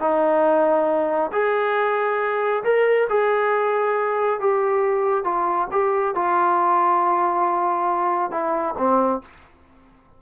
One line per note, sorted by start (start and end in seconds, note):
0.00 1.31 D#4
1.32 2.64 G#4
2.64 3.08 A#4
3.10 4.40 G#4
4.40 5.24 G4
5.24 5.68 F4
5.72 6.16 G4
6.16 8.31 F4
8.31 8.75 E4
8.78 9.22 C4